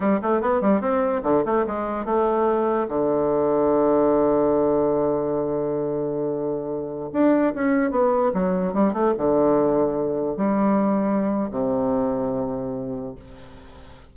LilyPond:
\new Staff \with { instrumentName = "bassoon" } { \time 4/4 \tempo 4 = 146 g8 a8 b8 g8 c'4 d8 a8 | gis4 a2 d4~ | d1~ | d1~ |
d4~ d16 d'4 cis'4 b8.~ | b16 fis4 g8 a8 d4.~ d16~ | d4~ d16 g2~ g8. | c1 | }